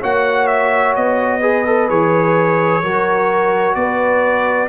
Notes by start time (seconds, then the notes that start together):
0.00 A#3 F#4 C#5 F#5
0.47 E5
0.96 B3 D#5
1.41 G#4 B4
1.66 A4
1.89 E3 G#4 C#5
2.83 F#3 F#4 A#4
3.75 B3 B4 D5